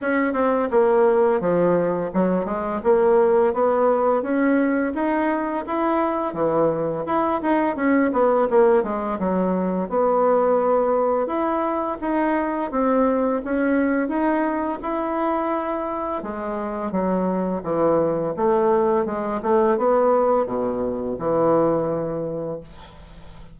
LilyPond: \new Staff \with { instrumentName = "bassoon" } { \time 4/4 \tempo 4 = 85 cis'8 c'8 ais4 f4 fis8 gis8 | ais4 b4 cis'4 dis'4 | e'4 e4 e'8 dis'8 cis'8 b8 | ais8 gis8 fis4 b2 |
e'4 dis'4 c'4 cis'4 | dis'4 e'2 gis4 | fis4 e4 a4 gis8 a8 | b4 b,4 e2 | }